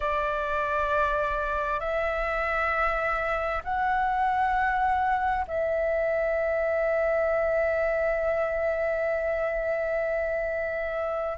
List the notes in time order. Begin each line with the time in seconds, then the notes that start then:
0.00 D5
1.80 E5
3.64 F#5
5.48 E5